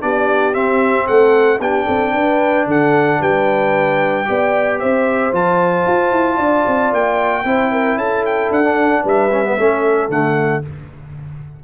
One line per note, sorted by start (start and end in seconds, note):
0.00 0.54 B3
0.00 0.53 D4
0.00 1.06 G4
0.00 0.54 D5
0.53 1.59 C4
0.53 1.07 C4
0.53 1.07 E5
1.06 1.59 A3
1.06 1.59 A4
1.06 1.60 F#5
1.59 1.86 B3
1.59 4.25 D4
1.59 1.85 G4
1.59 2.67 G5
1.85 2.14 C4
1.85 2.12 A4
2.14 2.66 D4
2.14 2.67 B4
2.66 3.19 D3
2.66 3.20 A4
2.66 3.22 F#5
3.20 4.27 G3
3.20 4.26 B4
3.20 4.79 G5
4.25 4.82 B3
4.25 5.31 G4
4.25 4.79 D5
4.79 5.32 C4
4.79 6.36 C5
4.79 5.33 E5
5.32 5.85 F3
5.32 7.44 F4
5.32 6.94 A5
5.86 6.11 F4
6.11 6.38 E4
6.36 6.65 D4
6.36 7.42 D5
6.67 6.92 C4
6.92 7.44 A#3
6.92 7.98 G5
7.44 7.96 C4
7.44 8.63 E4
7.44 7.71 C5
7.71 7.98 A#4
7.96 8.49 C#4
7.96 9.02 A4
7.96 8.25 A5
8.25 8.52 G5
8.51 9.04 D4
8.51 9.05 F#5
8.63 9.30 D4
9.02 9.57 G3
9.02 9.55 B4
9.02 10.11 E5
9.31 9.44 C#4
9.44 9.57 B3
9.57 10.09 A3
9.57 10.09 C#4
9.57 10.63 A4
10.09 10.62 D3
10.09 10.62 A3
10.09 10.64 F#5